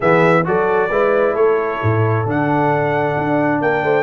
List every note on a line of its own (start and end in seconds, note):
0.00 0.46 E3
0.00 0.44 B3
0.00 0.44 G#4
0.00 0.46 E5
0.44 0.89 F#3
0.44 0.89 F#4
0.44 0.90 A4
0.44 1.35 D5
0.89 1.34 G#3
0.89 2.25 E4
0.89 1.34 B4
1.34 1.79 A3
1.34 3.59 A4
1.34 2.25 C#5
1.82 2.25 A2
2.25 3.16 D3
2.25 4.03 D4
2.25 3.61 F#5
3.17 3.61 D4
3.61 3.83 A#3
3.61 3.83 A#4
3.61 4.03 G5
3.83 4.03 A3
3.83 4.03 C5